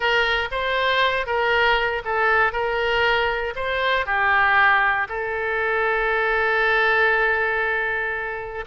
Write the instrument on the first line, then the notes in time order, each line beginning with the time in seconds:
oboe
0.00 A#4
0.51 C5
1.26 A#4
2.05 A4
2.52 A#4
3.55 C5
4.06 G4
5.08 A4